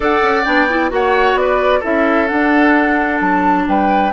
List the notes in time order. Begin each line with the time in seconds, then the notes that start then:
0.00 D4 A4 D5 F#5
0.22 C#4
0.44 B3 D4 G5
0.69 E4
0.90 A#3 F#4 C#5 F#5
1.34 B3 D5
1.40 B4
1.79 C#4 E4 A4 E5
2.27 D4 F#5
3.20 F#3 A5
3.67 G3 B4 G5